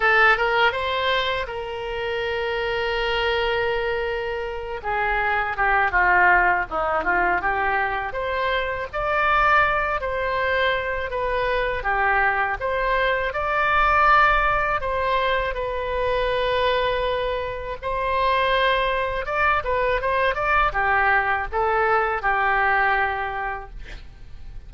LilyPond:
\new Staff \with { instrumentName = "oboe" } { \time 4/4 \tempo 4 = 81 a'8 ais'8 c''4 ais'2~ | ais'2~ ais'8 gis'4 g'8 | f'4 dis'8 f'8 g'4 c''4 | d''4. c''4. b'4 |
g'4 c''4 d''2 | c''4 b'2. | c''2 d''8 b'8 c''8 d''8 | g'4 a'4 g'2 | }